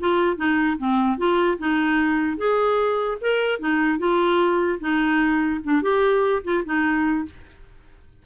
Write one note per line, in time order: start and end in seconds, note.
0.00 0.37 F4
0.37 0.77 D#4
0.78 1.18 C4
1.18 1.58 F4
1.59 2.38 D#4
2.38 3.18 G#4
3.21 3.59 A#4
3.59 3.99 D#4
3.99 4.79 F4
4.80 5.61 D#4
5.64 5.82 D4
5.82 6.43 G4
6.44 6.64 F4
6.65 7.26 D#4